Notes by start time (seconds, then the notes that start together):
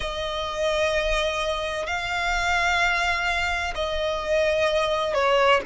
0.00 D#5
1.86 F5
3.74 D#5
5.13 C#5